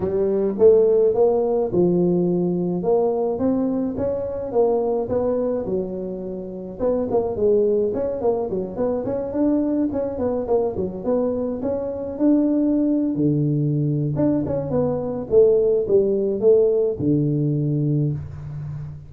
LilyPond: \new Staff \with { instrumentName = "tuba" } { \time 4/4 \tempo 4 = 106 g4 a4 ais4 f4~ | f4 ais4 c'4 cis'4 | ais4 b4 fis2 | b8 ais8 gis4 cis'8 ais8 fis8 b8 |
cis'8 d'4 cis'8 b8 ais8 fis8 b8~ | b8 cis'4 d'4.~ d'16 d8.~ | d4 d'8 cis'8 b4 a4 | g4 a4 d2 | }